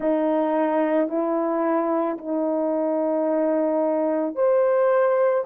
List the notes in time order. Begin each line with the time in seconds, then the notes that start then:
0.00 D#4
1.08 E4
2.18 D#4
4.35 C5